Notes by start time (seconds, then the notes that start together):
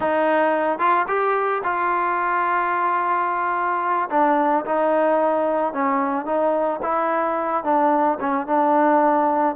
0.00 D#4
0.79 F4
1.07 G4
1.63 F4
4.10 D4
4.65 D#4
5.73 C#4
6.25 D#4
6.82 E4
7.64 D4
8.20 C#4
8.47 D4